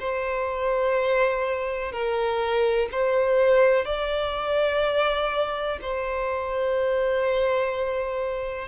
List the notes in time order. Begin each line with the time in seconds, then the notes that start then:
0.00 C5
1.93 A#4
2.92 C5
3.86 D5
5.82 C5